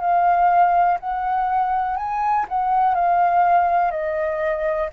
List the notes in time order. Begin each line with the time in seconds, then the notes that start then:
0.00 F5
1.00 F#5
1.97 G#5
2.49 F#5
2.95 F5
3.91 D#5